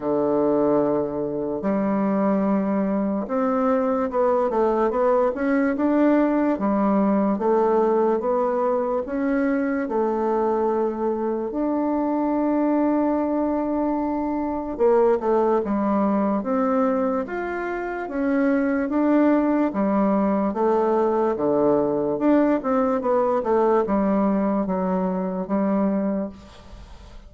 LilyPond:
\new Staff \with { instrumentName = "bassoon" } { \time 4/4 \tempo 4 = 73 d2 g2 | c'4 b8 a8 b8 cis'8 d'4 | g4 a4 b4 cis'4 | a2 d'2~ |
d'2 ais8 a8 g4 | c'4 f'4 cis'4 d'4 | g4 a4 d4 d'8 c'8 | b8 a8 g4 fis4 g4 | }